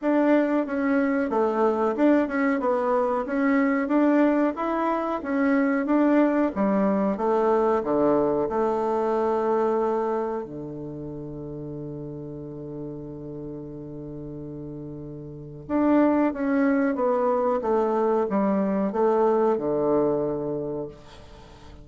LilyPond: \new Staff \with { instrumentName = "bassoon" } { \time 4/4 \tempo 4 = 92 d'4 cis'4 a4 d'8 cis'8 | b4 cis'4 d'4 e'4 | cis'4 d'4 g4 a4 | d4 a2. |
d1~ | d1 | d'4 cis'4 b4 a4 | g4 a4 d2 | }